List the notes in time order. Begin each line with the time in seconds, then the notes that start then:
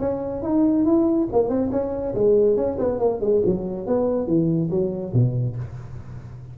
0.00 C#4
0.43 D#4
0.85 E4
1.32 A#3
1.49 C4
1.72 C#4
2.15 G#3
2.57 C#4
2.79 B3
2.99 A#3
3.21 G#3
3.46 F#3
3.87 B3
4.27 E3
4.71 F#3
5.14 B2